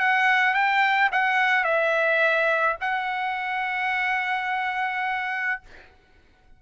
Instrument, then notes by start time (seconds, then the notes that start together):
trumpet
0.00 F#5
0.54 G5
1.12 F#5
1.65 E5
2.81 F#5